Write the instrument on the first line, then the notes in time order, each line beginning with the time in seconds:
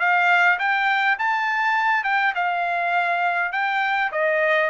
trumpet
0.00 F5
0.59 G5
1.19 A5
2.04 G5
2.35 F5
3.53 G5
4.12 D#5